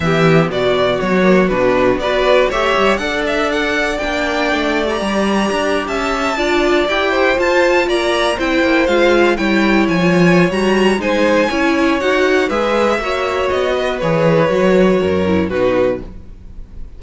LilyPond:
<<
  \new Staff \with { instrumentName = "violin" } { \time 4/4 \tempo 4 = 120 e''4 d''4 cis''4 b'4 | d''4 e''4 fis''8 e''8 fis''4 | g''4.~ g''16 ais''2 a''16~ | a''4.~ a''16 g''4 a''4 ais''16~ |
ais''8. g''4 f''4 g''4 gis''16~ | gis''4 ais''4 gis''2 | fis''4 e''2 dis''4 | cis''2. b'4 | }
  \new Staff \with { instrumentName = "violin" } { \time 4/4 g'4 fis'2. | b'4 cis''4 d''2~ | d''2.~ d''8. e''16~ | e''8. d''4. c''4. d''16~ |
d''8. c''2 cis''4~ cis''16~ | cis''2 c''4 cis''4~ | cis''4 b'4 cis''4. b'8~ | b'2 ais'4 fis'4 | }
  \new Staff \with { instrumentName = "viola" } { \time 4/4 b2~ b8 ais8 d'4 | fis'4 g'4 a'2 | d'4.~ d'16 g'2~ g'16~ | g'8. f'4 g'4 f'4~ f'16~ |
f'8. e'4 f'4 e'4~ e'16 | f'4 fis'4 dis'4 e'4 | fis'4 gis'4 fis'2 | gis'4 fis'4. e'8 dis'4 | }
  \new Staff \with { instrumentName = "cello" } { \time 4/4 e4 b,4 fis4 b,4 | b4 a8 g8 d'2 | ais4 a4 g4 d'8. cis'16~ | cis'8. d'4 e'4 f'4 ais16~ |
ais8. c'8 ais8 gis4 g4 f16~ | f4 g4 gis4 cis'4 | dis'4 gis4 ais4 b4 | e4 fis4 fis,4 b,4 | }
>>